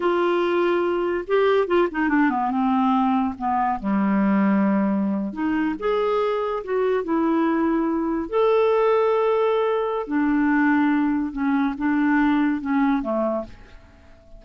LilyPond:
\new Staff \with { instrumentName = "clarinet" } { \time 4/4 \tempo 4 = 143 f'2. g'4 | f'8 dis'8 d'8 b8 c'2 | b4 g2.~ | g8. dis'4 gis'2 fis'16~ |
fis'8. e'2. a'16~ | a'1 | d'2. cis'4 | d'2 cis'4 a4 | }